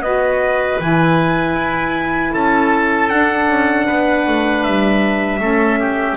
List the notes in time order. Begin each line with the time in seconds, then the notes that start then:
0.00 B3 F#4 B4 D#5
0.79 E3 E4 G#5
1.54 E4
2.33 C#4 A4 A5
3.09 D4 F#5
3.48 C#4
3.86 B3 B4
4.27 A3
4.64 G3 E5
5.40 A3 C#4 A4
5.79 G4